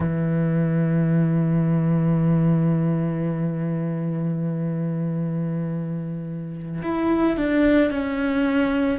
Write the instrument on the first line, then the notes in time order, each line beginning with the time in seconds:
cello
0.00 E3
6.82 E4
7.36 D4
7.90 C#4